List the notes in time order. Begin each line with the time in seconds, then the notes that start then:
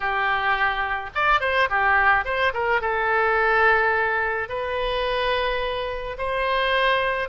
0.00 G4
1.14 D5
1.40 C5
1.69 G4
2.25 C5
2.53 A#4
2.81 A4
4.49 B4
6.17 C5